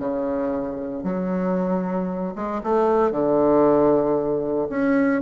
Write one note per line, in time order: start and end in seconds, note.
0.00 1.04 C#3
1.04 2.34 F#3
2.36 2.62 G#3
2.64 3.12 A3
3.12 4.68 D3
4.70 5.22 C#4